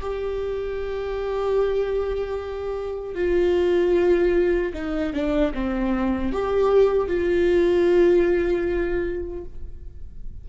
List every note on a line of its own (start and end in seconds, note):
0.00 3.15 G4
3.15 4.73 F4
4.74 5.14 D#4
5.14 5.53 D4
5.54 6.33 C4
6.33 7.08 G4
7.08 9.44 F4